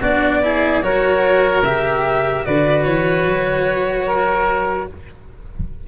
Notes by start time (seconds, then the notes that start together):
0.00 B3 D4 F#4 D5
0.42 E4 G#4
0.82 F#3 F#4 A#4 C#5
1.61 C#3 G4 E5
2.44 D3 F#4 B4 D5
2.84 E3 C#5
3.25 F#3
4.07 A#4